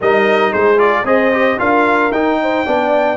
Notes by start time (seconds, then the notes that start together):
0.00 G3 D#4 A#4 D#5
0.51 G#3 G#4 C5
0.77 F4 D5
1.03 C4 G#4 C5 D#5
1.32 G4
1.58 D4 F4 A#4 F5
2.10 D#4 G5
2.41 C5
2.65 B3 D4 D5